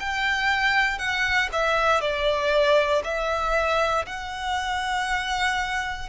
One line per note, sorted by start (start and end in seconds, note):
0.00 0.99 G5
0.99 1.50 F#5
1.53 2.01 E5
2.01 3.03 D5
3.05 4.06 E5
4.07 6.10 F#5